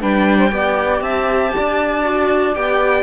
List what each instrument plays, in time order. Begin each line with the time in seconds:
0.00 cello G3, viola D4, saxophone B4, violin G5
0.37 saxophone C5
0.50 cello B3, viola G4, saxophone D5
1.01 cello C4, saxophone E5, violin A5
1.55 cello D4, saxophone D5
2.02 viola F#4
2.54 cello B3, viola G4, violin G5